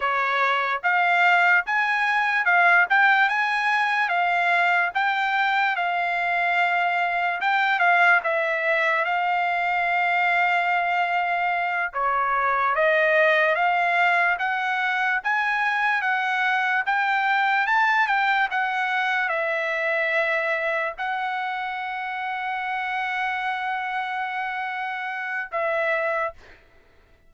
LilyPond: \new Staff \with { instrumentName = "trumpet" } { \time 4/4 \tempo 4 = 73 cis''4 f''4 gis''4 f''8 g''8 | gis''4 f''4 g''4 f''4~ | f''4 g''8 f''8 e''4 f''4~ | f''2~ f''8 cis''4 dis''8~ |
dis''8 f''4 fis''4 gis''4 fis''8~ | fis''8 g''4 a''8 g''8 fis''4 e''8~ | e''4. fis''2~ fis''8~ | fis''2. e''4 | }